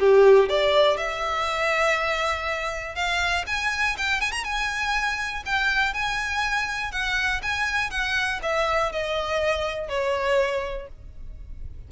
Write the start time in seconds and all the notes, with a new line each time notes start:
0.00 G4
0.50 D5
0.98 E5
2.96 F5
3.47 G#5
3.98 G5
4.21 G#5
4.32 A#5
4.44 G#5
5.46 G5
5.94 G#5
6.92 F#5
7.43 G#5
7.91 F#5
8.43 E5
8.92 D#5
9.89 C#5